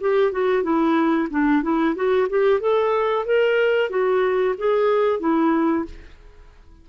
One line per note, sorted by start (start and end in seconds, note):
0.00 0.31 G4
0.31 0.63 F#4
0.63 1.28 E4
1.30 1.62 D4
1.62 1.95 E4
1.95 2.28 F#4
2.29 2.60 G4
2.60 3.25 A4
3.25 3.89 A#4
3.89 4.54 F#4
4.57 5.19 G#4
5.19 5.85 E4